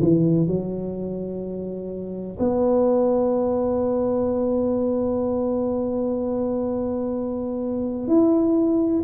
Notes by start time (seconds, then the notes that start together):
0.00 E3
0.47 F#3
2.39 B3
8.07 E4